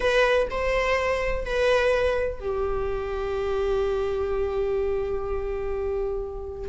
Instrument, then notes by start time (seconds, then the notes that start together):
viola
0.00 B4
0.50 C5
1.45 B4
2.40 G4